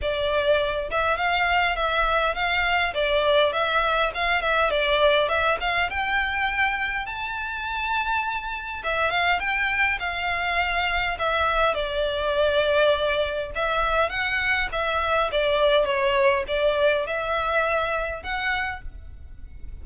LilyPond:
\new Staff \with { instrumentName = "violin" } { \time 4/4 \tempo 4 = 102 d''4. e''8 f''4 e''4 | f''4 d''4 e''4 f''8 e''8 | d''4 e''8 f''8 g''2 | a''2. e''8 f''8 |
g''4 f''2 e''4 | d''2. e''4 | fis''4 e''4 d''4 cis''4 | d''4 e''2 fis''4 | }